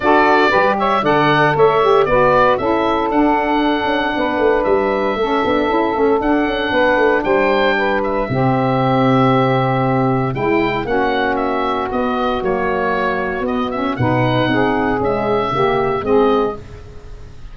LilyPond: <<
  \new Staff \with { instrumentName = "oboe" } { \time 4/4 \tempo 4 = 116 d''4. e''8 fis''4 e''4 | d''4 e''4 fis''2~ | fis''4 e''2. | fis''2 g''4. e''8~ |
e''1 | g''4 fis''4 e''4 dis''4 | cis''2 dis''8 e''8 fis''4~ | fis''4 e''2 dis''4 | }
  \new Staff \with { instrumentName = "saxophone" } { \time 4/4 a'4 b'8 cis''8 d''4 cis''4 | b'4 a'2. | b'2 a'2~ | a'4 b'4 c''4 b'4 |
g'1 | e'4 fis'2.~ | fis'2. b'4 | gis'2 g'4 gis'4 | }
  \new Staff \with { instrumentName = "saxophone" } { \time 4/4 fis'4 g'4 a'4. g'8 | fis'4 e'4 d'2~ | d'2 cis'8 d'8 e'8 cis'8 | d'1 |
c'1 | e'4 cis'2 b4 | ais2 b8 cis'8 dis'4~ | dis'4 gis4 ais4 c'4 | }
  \new Staff \with { instrumentName = "tuba" } { \time 4/4 d'4 g4 d4 a4 | b4 cis'4 d'4. cis'8 | b8 a8 g4 a8 b8 cis'8 a8 | d'8 cis'8 b8 a8 g2 |
c1 | gis4 ais2 b4 | fis2 b4 b,4 | c'4 cis'4 cis4 gis4 | }
>>